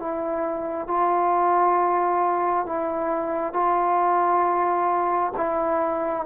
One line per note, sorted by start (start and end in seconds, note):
0.00 0.88 E4
0.88 2.66 F4
2.66 3.54 E4
3.54 5.33 F4
5.37 6.26 E4